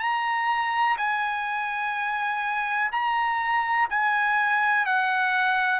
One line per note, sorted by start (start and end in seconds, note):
0.00 0.97 A#5
0.97 2.91 G#5
2.92 3.88 A#5
3.90 4.86 G#5
4.86 5.80 F#5